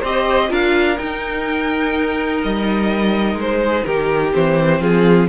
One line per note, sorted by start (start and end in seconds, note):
0.00 0.51 C4
0.00 0.49 G4
0.00 0.48 C5
0.00 0.54 D#5
0.49 0.99 D4
0.49 0.97 F4
0.49 3.61 A#4
0.49 0.98 F5
0.98 4.33 D#4
0.98 2.44 D#4
0.98 2.42 G5
2.44 3.35 G3
2.44 3.40 D#5
3.35 3.83 G#3
3.41 3.85 C5
3.61 3.85 G#4
3.85 4.35 D#3
3.85 4.81 G4
3.85 4.33 A#4
4.33 4.81 E3
4.33 5.29 C4
4.33 4.83 C5
4.81 5.29 F3
4.81 5.29 F4
4.81 5.29 G#4